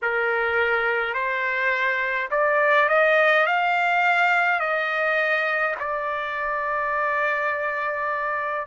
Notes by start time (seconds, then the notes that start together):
0.02 A#4
1.13 C5
2.31 D5
2.88 D#5
3.46 F5
4.59 D#5
5.79 D5